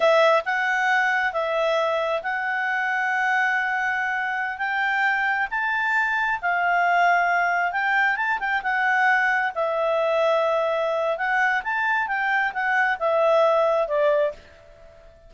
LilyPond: \new Staff \with { instrumentName = "clarinet" } { \time 4/4 \tempo 4 = 134 e''4 fis''2 e''4~ | e''4 fis''2.~ | fis''2~ fis''16 g''4.~ g''16~ | g''16 a''2 f''4.~ f''16~ |
f''4~ f''16 g''4 a''8 g''8 fis''8.~ | fis''4~ fis''16 e''2~ e''8.~ | e''4 fis''4 a''4 g''4 | fis''4 e''2 d''4 | }